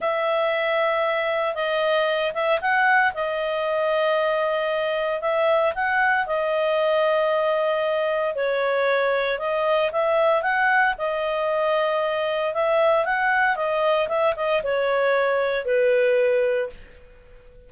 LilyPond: \new Staff \with { instrumentName = "clarinet" } { \time 4/4 \tempo 4 = 115 e''2. dis''4~ | dis''8 e''8 fis''4 dis''2~ | dis''2 e''4 fis''4 | dis''1 |
cis''2 dis''4 e''4 | fis''4 dis''2. | e''4 fis''4 dis''4 e''8 dis''8 | cis''2 b'2 | }